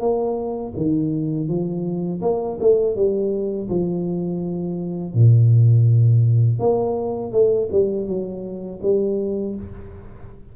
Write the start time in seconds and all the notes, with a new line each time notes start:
0.00 A#3
0.76 D#3
1.48 F3
2.22 A#3
2.61 A3
2.95 G3
3.69 F3
5.14 A#2
6.59 A#3
7.32 A3
7.72 G3
8.07 F#3
8.82 G3